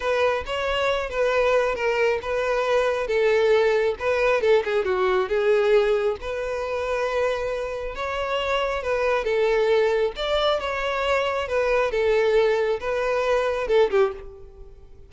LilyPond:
\new Staff \with { instrumentName = "violin" } { \time 4/4 \tempo 4 = 136 b'4 cis''4. b'4. | ais'4 b'2 a'4~ | a'4 b'4 a'8 gis'8 fis'4 | gis'2 b'2~ |
b'2 cis''2 | b'4 a'2 d''4 | cis''2 b'4 a'4~ | a'4 b'2 a'8 g'8 | }